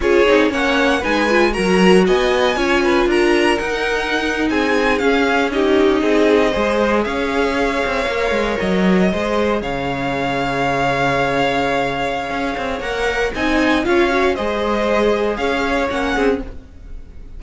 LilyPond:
<<
  \new Staff \with { instrumentName = "violin" } { \time 4/4 \tempo 4 = 117 cis''4 fis''4 gis''4 ais''4 | gis''2 ais''4 fis''4~ | fis''8. gis''4 f''4 dis''4~ dis''16~ | dis''4.~ dis''16 f''2~ f''16~ |
f''8. dis''2 f''4~ f''16~ | f''1~ | f''4 fis''4 gis''4 f''4 | dis''2 f''4 fis''4 | }
  \new Staff \with { instrumentName = "violin" } { \time 4/4 gis'4 cis''4 b'4 ais'4 | dis''4 cis''8 b'8 ais'2~ | ais'8. gis'2 g'4 gis'16~ | gis'8. c''4 cis''2~ cis''16~ |
cis''4.~ cis''16 c''4 cis''4~ cis''16~ | cis''1~ | cis''2 dis''4 cis''4 | c''2 cis''4. gis'8 | }
  \new Staff \with { instrumentName = "viola" } { \time 4/4 f'8 dis'8 cis'4 dis'8 f'8 fis'4~ | fis'4 f'2 dis'4~ | dis'4.~ dis'16 cis'4 dis'4~ dis'16~ | dis'8. gis'2. ais'16~ |
ais'4.~ ais'16 gis'2~ gis'16~ | gis'1~ | gis'4 ais'4 dis'4 f'8 fis'8 | gis'2. cis'4 | }
  \new Staff \with { instrumentName = "cello" } { \time 4/4 cis'8 c'8 ais4 gis4 fis4 | b4 cis'4 d'4 dis'4~ | dis'8. c'4 cis'2 c'16~ | c'8. gis4 cis'4. c'8 ais16~ |
ais16 gis8 fis4 gis4 cis4~ cis16~ | cis1 | cis'8 c'8 ais4 c'4 cis'4 | gis2 cis'4 ais8 c'8 | }
>>